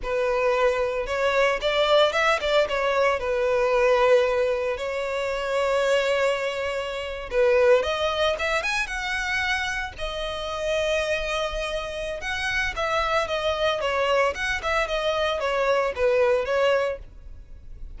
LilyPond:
\new Staff \with { instrumentName = "violin" } { \time 4/4 \tempo 4 = 113 b'2 cis''4 d''4 | e''8 d''8 cis''4 b'2~ | b'4 cis''2.~ | cis''4.~ cis''16 b'4 dis''4 e''16~ |
e''16 gis''8 fis''2 dis''4~ dis''16~ | dis''2. fis''4 | e''4 dis''4 cis''4 fis''8 e''8 | dis''4 cis''4 b'4 cis''4 | }